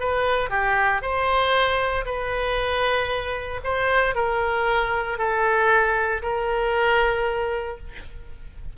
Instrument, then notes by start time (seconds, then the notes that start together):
oboe
0.00 B4
0.50 G4
1.02 C5
2.06 B4
3.64 C5
4.15 A#4
5.19 A4
6.23 A#4